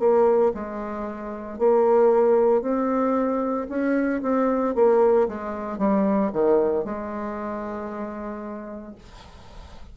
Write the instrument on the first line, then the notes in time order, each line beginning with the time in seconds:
bassoon
0.00 A#3
0.55 G#3
1.59 A#3
2.62 C4
3.69 C#4
4.22 C4
4.75 A#3
5.28 G#3
5.78 G3
6.33 D#3
6.85 G#3